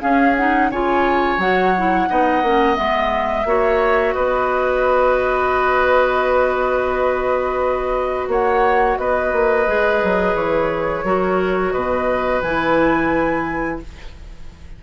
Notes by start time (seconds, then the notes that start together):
0.00 C#4 G#4 F5
0.35 D#4 F#5
0.70 C#3 F4 C#5 G#5
1.37 F#3 F#4 F#5
1.77 E4
2.08 B3 D#4 D#5
2.42 A#3 C#4
2.75 G#3 B3 E5
3.45 A#3 F#4 C#5
4.14 B3 B4 D#5
8.27 A#3 C#5 F#5
8.98 B3 B4 D#5
9.32 A#3
9.67 G#3 G#4
10.03 F#3
10.34 E3 C#5
11.03 F#3 F#4 A#4
11.72 B2 B4 D#5
12.41 E3 E4 G#5